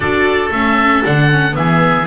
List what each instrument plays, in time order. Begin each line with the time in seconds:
0.00 double bass D4, viola F#4, oboe A4 D5
0.51 double bass A3, viola C#4, oboe E5
1.03 double bass D3, viola D4, oboe F#5
1.30 viola C#4
1.51 double bass E3, viola B3, oboe E5
1.57 oboe G#4